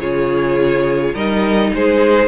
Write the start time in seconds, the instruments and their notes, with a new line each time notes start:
0.00 cello C#3, viola F4, violin G#4 C#5
1.14 cello G3, viola D#4, violin A#4 D#5
1.73 cello G#3, violin G#4 C5